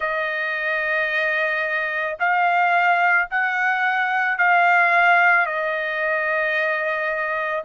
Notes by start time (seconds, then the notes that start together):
0.00 D#5
2.19 F5
3.30 F#5
4.38 F5
5.45 D#5